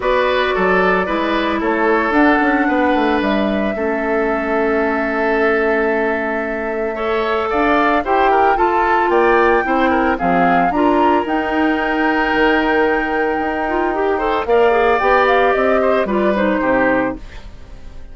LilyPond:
<<
  \new Staff \with { instrumentName = "flute" } { \time 4/4 \tempo 4 = 112 d''2. cis''4 | fis''2 e''2~ | e''1~ | e''2 f''4 g''4 |
a''4 g''2 f''4 | ais''4 g''2.~ | g''2. f''4 | g''8 f''8 dis''4 d''8 c''4. | }
  \new Staff \with { instrumentName = "oboe" } { \time 4/4 b'4 a'4 b'4 a'4~ | a'4 b'2 a'4~ | a'1~ | a'4 cis''4 d''4 c''8 ais'8 |
a'4 d''4 c''8 ais'8 gis'4 | ais'1~ | ais'2~ ais'8 c''8 d''4~ | d''4. c''8 b'4 g'4 | }
  \new Staff \with { instrumentName = "clarinet" } { \time 4/4 fis'2 e'2 | d'2. cis'4~ | cis'1~ | cis'4 a'2 g'4 |
f'2 e'4 c'4 | f'4 dis'2.~ | dis'4. f'8 g'8 a'8 ais'8 gis'8 | g'2 f'8 dis'4. | }
  \new Staff \with { instrumentName = "bassoon" } { \time 4/4 b4 fis4 gis4 a4 | d'8 cis'8 b8 a8 g4 a4~ | a1~ | a2 d'4 e'4 |
f'4 ais4 c'4 f4 | d'4 dis'2 dis4~ | dis4 dis'2 ais4 | b4 c'4 g4 c4 | }
>>